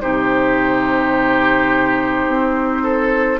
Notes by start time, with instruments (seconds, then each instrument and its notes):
0.00 bassoon C3, clarinet D#4, oboe G4, flute C5
2.27 bassoon C4
2.83 oboe A4